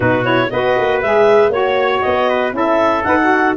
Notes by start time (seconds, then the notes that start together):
0.00 B2 D#4 F#4 B4
0.23 E4 C#5
0.50 B3 F#4 B4 D#5
0.77 A#3
1.01 G#3 G#4 E5
1.49 A#3 F#4 C#5
2.01 B3 D#5
2.29 B4
2.51 C#4 E4 A4 E5
3.03 D#4 B4 F#5
3.20 F#4